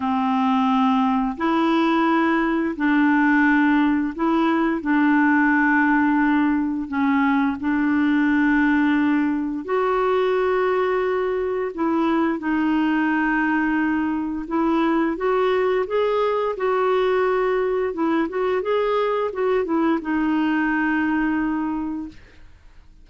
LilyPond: \new Staff \with { instrumentName = "clarinet" } { \time 4/4 \tempo 4 = 87 c'2 e'2 | d'2 e'4 d'4~ | d'2 cis'4 d'4~ | d'2 fis'2~ |
fis'4 e'4 dis'2~ | dis'4 e'4 fis'4 gis'4 | fis'2 e'8 fis'8 gis'4 | fis'8 e'8 dis'2. | }